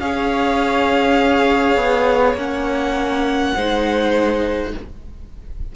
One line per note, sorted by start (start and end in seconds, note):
0.00 1.76 C#4
0.00 2.36 G#4
0.00 3.55 C#5
0.00 2.35 F5
1.76 2.34 B3
2.34 3.51 A#3
2.34 3.55 C#4
2.34 4.72 F#5
3.55 4.73 G#3
3.55 4.75 D#4
3.55 4.73 C5